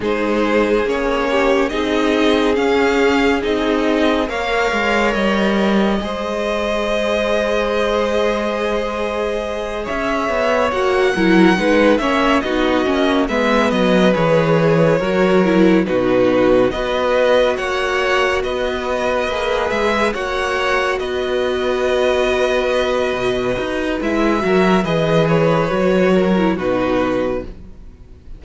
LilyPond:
<<
  \new Staff \with { instrumentName = "violin" } { \time 4/4 \tempo 4 = 70 c''4 cis''4 dis''4 f''4 | dis''4 f''4 dis''2~ | dis''2.~ dis''8 e''8~ | e''8 fis''4. e''8 dis''4 e''8 |
dis''8 cis''2 b'4 dis''8~ | dis''8 fis''4 dis''4. e''8 fis''8~ | fis''8 dis''2.~ dis''8 | e''4 dis''8 cis''4. b'4 | }
  \new Staff \with { instrumentName = "violin" } { \time 4/4 gis'4. g'8 gis'2~ | gis'4 cis''2 c''4~ | c''2.~ c''8 cis''8~ | cis''4 ais'8 b'8 cis''8 fis'4 b'8~ |
b'4. ais'4 fis'4 b'8~ | b'8 cis''4 b'2 cis''8~ | cis''8 b'2.~ b'8~ | b'8 ais'8 b'4. ais'8 fis'4 | }
  \new Staff \with { instrumentName = "viola" } { \time 4/4 dis'4 cis'4 dis'4 cis'4 | dis'4 ais'2 gis'4~ | gis'1~ | gis'8 fis'8 e'8 dis'8 cis'8 dis'8 cis'8 b8~ |
b8 gis'4 fis'8 e'8 dis'4 fis'8~ | fis'2~ fis'8 gis'4 fis'8~ | fis'1 | e'8 fis'8 gis'4 fis'8. e'16 dis'4 | }
  \new Staff \with { instrumentName = "cello" } { \time 4/4 gis4 ais4 c'4 cis'4 | c'4 ais8 gis8 g4 gis4~ | gis2.~ gis8 cis'8 | b8 ais8 fis8 gis8 ais8 b8 ais8 gis8 |
fis8 e4 fis4 b,4 b8~ | b8 ais4 b4 ais8 gis8 ais8~ | ais8 b2~ b8 b,8 dis'8 | gis8 fis8 e4 fis4 b,4 | }
>>